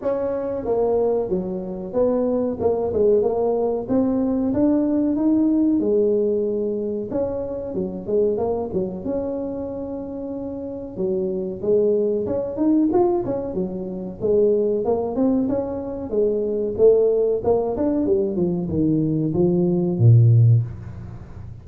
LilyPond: \new Staff \with { instrumentName = "tuba" } { \time 4/4 \tempo 4 = 93 cis'4 ais4 fis4 b4 | ais8 gis8 ais4 c'4 d'4 | dis'4 gis2 cis'4 | fis8 gis8 ais8 fis8 cis'2~ |
cis'4 fis4 gis4 cis'8 dis'8 | f'8 cis'8 fis4 gis4 ais8 c'8 | cis'4 gis4 a4 ais8 d'8 | g8 f8 dis4 f4 ais,4 | }